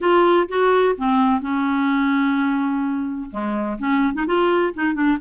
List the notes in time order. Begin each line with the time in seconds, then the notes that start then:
0.00 F4
0.48 F#4
0.97 C4
1.41 C#4
3.30 G#3
3.79 C#4
4.14 D#4
4.26 F4
4.74 D#4
4.94 D4